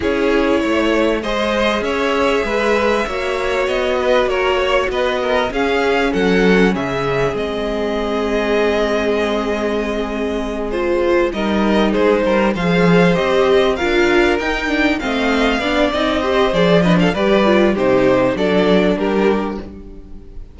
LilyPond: <<
  \new Staff \with { instrumentName = "violin" } { \time 4/4 \tempo 4 = 98 cis''2 dis''4 e''4~ | e''2 dis''4 cis''4 | dis''4 f''4 fis''4 e''4 | dis''1~ |
dis''4. c''4 dis''4 c''8~ | c''8 f''4 dis''4 f''4 g''8~ | g''8 f''4. dis''4 d''8 dis''16 f''16 | d''4 c''4 d''4 ais'4 | }
  \new Staff \with { instrumentName = "violin" } { \time 4/4 gis'4 cis''4 c''4 cis''4 | b'4 cis''4. b'8 ais'8 cis''8 | b'8 ais'8 gis'4 a'4 gis'4~ | gis'1~ |
gis'2~ gis'8 ais'4 gis'8 | ais'8 c''2 ais'4.~ | ais'8 dis''4 d''4 c''4 b'16 a'16 | b'4 g'4 a'4 g'4 | }
  \new Staff \with { instrumentName = "viola" } { \time 4/4 e'2 gis'2~ | gis'4 fis'2.~ | fis'4 cis'2. | c'1~ |
c'4. f'4 dis'4.~ | dis'8 gis'4 g'4 f'4 dis'8 | d'8 c'4 d'8 dis'8 g'8 gis'8 d'8 | g'8 f'8 dis'4 d'2 | }
  \new Staff \with { instrumentName = "cello" } { \time 4/4 cis'4 a4 gis4 cis'4 | gis4 ais4 b4 ais4 | b4 cis'4 fis4 cis4 | gis1~ |
gis2~ gis8 g4 gis8 | g8 f4 c'4 d'4 dis'8~ | dis'8 a4 b8 c'4 f4 | g4 c4 fis4 g4 | }
>>